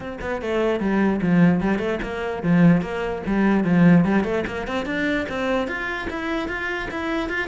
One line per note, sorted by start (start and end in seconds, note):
0.00 0.18 C4
0.21 0.41 B3
0.41 0.80 A3
0.80 1.20 G3
1.21 1.60 F3
1.60 1.78 G3
1.78 1.99 A3
2.02 2.42 A#3
2.42 2.81 F3
2.81 3.22 A#3
3.26 3.64 G3
3.64 4.04 F3
4.04 4.24 G3
4.24 4.44 A3
4.46 4.67 A#3
4.67 4.85 C4
4.85 5.26 D4
5.29 5.67 C4
5.67 6.08 F4
6.10 6.48 E4
6.48 6.88 F4
6.90 7.29 E4
7.29 7.48 F4